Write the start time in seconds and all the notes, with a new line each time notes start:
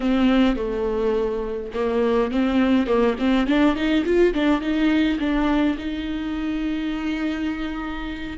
0.00 C4
0.56 A3
1.74 A#3
2.31 C4
2.86 A#3
3.18 C4
3.46 D4
3.75 D#4
4.05 F4
4.33 D4
4.60 D#4
5.19 D4
5.78 D#4